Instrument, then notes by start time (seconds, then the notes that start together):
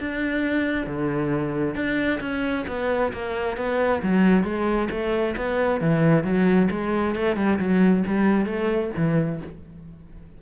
cello
0.00 D4
0.87 D3
1.75 D4
2.21 C#4
2.67 B3
3.13 A#3
3.57 B3
4.03 F#3
4.44 G#3
4.91 A3
5.37 B3
5.81 E3
6.24 F#3
6.71 G#3
7.16 A3
7.37 G3
7.59 F#3
8.07 G3
8.46 A3
8.97 E3